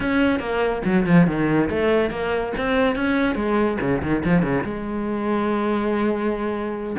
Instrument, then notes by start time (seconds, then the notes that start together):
cello
0.00 C#4
0.39 A#3
0.85 F#3
1.06 F3
1.27 D#3
1.69 A3
2.10 A#3
2.57 C4
2.95 C#4
3.35 G#3
3.80 C#3
4.02 D#3
4.24 F3
4.42 C#3
4.64 G#3